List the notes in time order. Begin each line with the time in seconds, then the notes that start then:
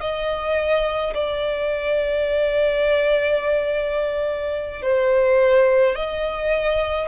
0.00 D#5
1.14 D5
4.82 C5
5.95 D#5